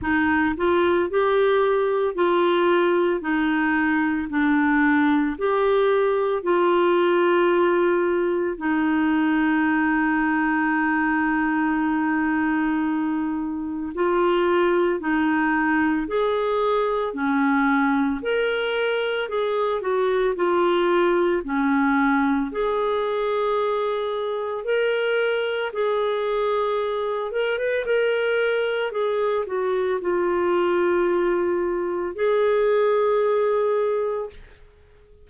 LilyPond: \new Staff \with { instrumentName = "clarinet" } { \time 4/4 \tempo 4 = 56 dis'8 f'8 g'4 f'4 dis'4 | d'4 g'4 f'2 | dis'1~ | dis'4 f'4 dis'4 gis'4 |
cis'4 ais'4 gis'8 fis'8 f'4 | cis'4 gis'2 ais'4 | gis'4. ais'16 b'16 ais'4 gis'8 fis'8 | f'2 gis'2 | }